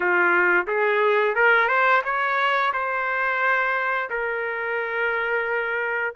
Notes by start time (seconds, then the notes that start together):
0.00 F4
0.67 G#4
1.35 A#4
1.67 C5
2.04 C#5
2.73 C5
4.09 A#4